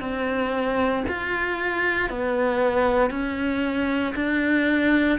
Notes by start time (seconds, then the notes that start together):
0.00 C4
1.08 F4
2.10 B3
3.10 C#4
4.15 D4